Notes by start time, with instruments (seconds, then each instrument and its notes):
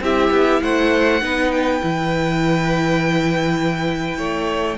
0.00 cello C4, viola E4, violin G4 E5
0.30 cello B3
0.62 cello A3, violin C5 F#5
1.21 cello B3, viola D#4, violin B4
1.51 violin G5
1.80 cello E3, viola E4
4.18 cello A3, violin C#5